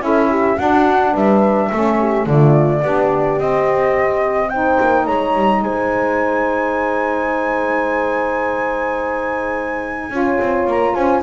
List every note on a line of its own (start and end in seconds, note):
0.00 0.56 C#4
0.00 0.56 E4
0.00 0.30 A4
0.00 0.58 E5
0.30 0.58 G4
0.58 1.70 D4
0.58 1.14 D4
0.58 1.12 F#4
0.58 1.14 F#5
1.12 1.70 G3
1.12 1.69 B4
1.12 2.27 E5
1.70 2.26 A3
1.70 2.27 C#4
1.70 1.98 A4
1.99 2.27 G4
2.26 2.82 D3
2.26 2.83 A3
2.26 2.81 F4
2.26 3.39 D5
2.81 3.38 B3
2.81 3.37 D4
2.81 4.49 G4
3.37 4.49 C4
3.37 4.78 C4
3.37 4.49 D#5
4.49 10.11 D#4
4.49 5.05 C5
4.49 5.05 G5
4.80 5.07 A#3
5.05 5.35 G#3
5.05 5.61 C#5
5.05 5.62 A#5
5.35 5.61 G3
5.61 10.10 G#3
5.61 10.12 C5
5.61 10.68 G#5
10.10 10.38 C#4
10.10 11.23 F4
10.10 10.95 C#5
10.40 10.66 C4
10.66 10.94 A#3
10.66 10.95 A#5
10.95 11.23 C#4
10.95 11.23 C5
10.95 11.23 G#5